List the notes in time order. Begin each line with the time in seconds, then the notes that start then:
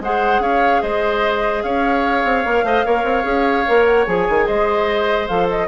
0.00 G#3 G#4 C5 F#5
0.39 C#4 C#5 F5
0.81 G#3 C5 D#5
1.62 C#4 C#5 F5
2.24 C4
2.45 A#3 A#4
2.63 A3 C5 D#5
2.85 A#3 A#4 C#5
3.03 C4
3.23 C#4 G#4
3.67 A#3 A#4
3.85 F#5
4.06 F3 G#4 G#5
4.29 D#3
4.46 G#3 C5 D#5
5.27 F3 A4 F5
5.49 D#5